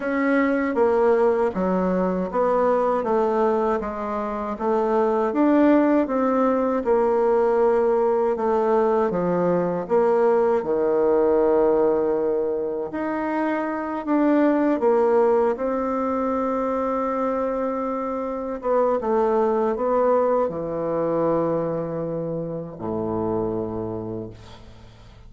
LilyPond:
\new Staff \with { instrumentName = "bassoon" } { \time 4/4 \tempo 4 = 79 cis'4 ais4 fis4 b4 | a4 gis4 a4 d'4 | c'4 ais2 a4 | f4 ais4 dis2~ |
dis4 dis'4. d'4 ais8~ | ais8 c'2.~ c'8~ | c'8 b8 a4 b4 e4~ | e2 a,2 | }